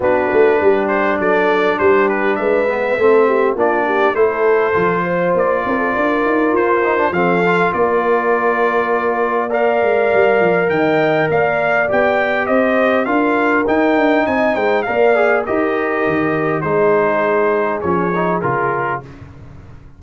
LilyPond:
<<
  \new Staff \with { instrumentName = "trumpet" } { \time 4/4 \tempo 4 = 101 b'4. c''8 d''4 c''8 b'8 | e''2 d''4 c''4~ | c''4 d''2 c''4 | f''4 d''2. |
f''2 g''4 f''4 | g''4 dis''4 f''4 g''4 | gis''8 g''8 f''4 dis''2 | c''2 cis''4 ais'4 | }
  \new Staff \with { instrumentName = "horn" } { \time 4/4 fis'4 g'4 a'4 g'4 | b'4 a'8 g'8 f'8 g'8 a'4~ | a'8 c''4 ais'16 a'16 ais'2 | a'4 ais'2. |
d''2 dis''4 d''4~ | d''4 c''4 ais'2 | dis''8 c''8 d''4 ais'2 | gis'1 | }
  \new Staff \with { instrumentName = "trombone" } { \time 4/4 d'1~ | d'8 b8 c'4 d'4 e'4 | f'2.~ f'8 dis'16 d'16 | c'8 f'2.~ f'8 |
ais'1 | g'2 f'4 dis'4~ | dis'4 ais'8 gis'8 g'2 | dis'2 cis'8 dis'8 f'4 | }
  \new Staff \with { instrumentName = "tuba" } { \time 4/4 b8 a8 g4 fis4 g4 | gis4 a4 ais4 a4 | f4 ais8 c'8 d'8 dis'8 f'4 | f4 ais2.~ |
ais8 gis8 g8 f8 dis4 ais4 | b4 c'4 d'4 dis'8 d'8 | c'8 gis8 ais4 dis'4 dis4 | gis2 f4 cis4 | }
>>